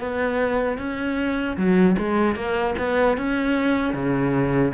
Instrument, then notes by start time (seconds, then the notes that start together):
cello
0.00 B3
0.78 C#4
1.57 F#3
1.98 G#3
2.35 A#3
2.78 B3
3.18 C#4
3.93 C#3